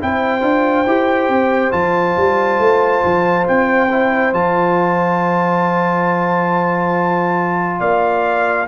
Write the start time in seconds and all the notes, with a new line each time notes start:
0.00 C4 E4 C5 G5
0.41 D4 F4
0.86 E4 G4
1.29 C4
1.71 F3 F4 A5
2.17 G3
2.59 A3
3.04 F3
3.48 C4 G5
3.91 E4
4.32 F3 F4 A5
7.79 A#3 D5 F5